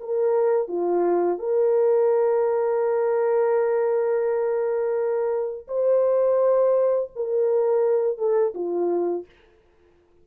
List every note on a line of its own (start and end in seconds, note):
0.00 0.68 A#4
0.68 1.39 F4
1.39 5.68 A#4
5.68 7.11 C5
7.16 8.18 A#4
8.18 8.54 A4
8.55 9.26 F4